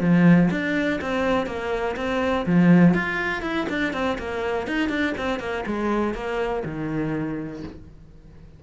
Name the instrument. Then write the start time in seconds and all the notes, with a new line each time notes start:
cello
0.00 F3
0.51 D4
1.01 C4
1.46 A#3
1.96 C4
2.46 F3
2.94 F4
3.42 E4
3.69 D4
3.93 C4
4.18 A#3
4.67 D#4
4.89 D4
5.17 C4
5.39 A#3
5.66 G#3
6.14 A#3
6.65 D#3